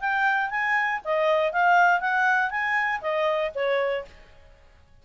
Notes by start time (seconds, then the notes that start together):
0.00 G5
0.50 G#5
1.04 D#5
1.52 F5
2.00 F#5
2.50 G#5
3.01 D#5
3.55 C#5